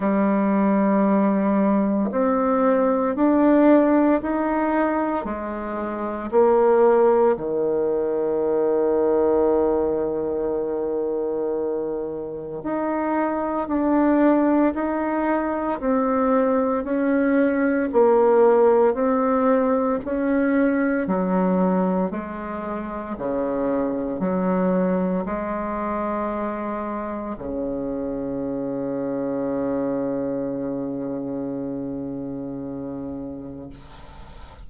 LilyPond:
\new Staff \with { instrumentName = "bassoon" } { \time 4/4 \tempo 4 = 57 g2 c'4 d'4 | dis'4 gis4 ais4 dis4~ | dis1 | dis'4 d'4 dis'4 c'4 |
cis'4 ais4 c'4 cis'4 | fis4 gis4 cis4 fis4 | gis2 cis2~ | cis1 | }